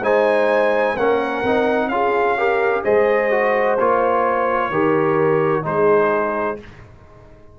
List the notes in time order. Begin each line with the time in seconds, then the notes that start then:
0.00 G#3 D#4 C5 G#5
0.95 A#3 C#4 A#4 F#5
1.43 C4 D#4
1.87 C#4 F4 F5
1.93 G#4
2.38 G4 A#4
2.84 G#3 G#4 C5 D#5
3.31 F#4
3.78 A#3 F4 C#5
4.70 D#3 G4 A#4
5.62 G#3 D#4 G#4 C5